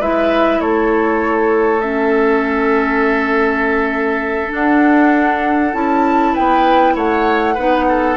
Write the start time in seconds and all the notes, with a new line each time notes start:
0.00 G#3 E4 B4 E5
0.59 A3 A4 C#5
1.81 C#4 E5
4.50 D4 F#5
5.73 C#4 E4 A5
6.33 B3 B4 G5
6.96 A3 C#5 F#5
7.55 B3 D#4 B4
7.89 A4